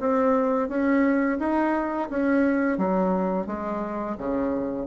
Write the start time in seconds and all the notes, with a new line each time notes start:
0.00 C4
0.69 C#4
1.39 D#4
2.10 C#4
2.78 F#3
3.47 G#3
4.18 C#3